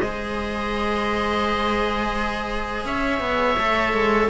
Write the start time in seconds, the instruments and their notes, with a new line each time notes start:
0.00 cello G#3 G#4, viola C5, oboe D#5
2.85 cello C#4, viola C#5, oboe E5
3.20 cello B3
3.58 cello A3 A4
3.93 cello G#3